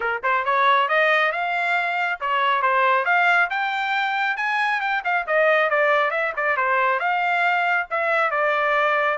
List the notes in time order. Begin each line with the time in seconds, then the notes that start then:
0.00 A#4
0.23 C5
0.45 C#5
0.88 D#5
1.32 F5
2.20 C#5
2.62 C5
3.05 F5
3.50 G5
4.37 G#5
4.80 G5
5.04 F5
5.27 D#5
5.70 D5
6.10 E5
6.36 D5
6.56 C5
6.99 F5
7.90 E5
8.31 D5